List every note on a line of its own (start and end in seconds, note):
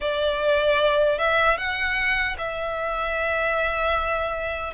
0.00 1.18 D5
1.18 1.57 E5
1.57 2.36 F#5
2.38 4.73 E5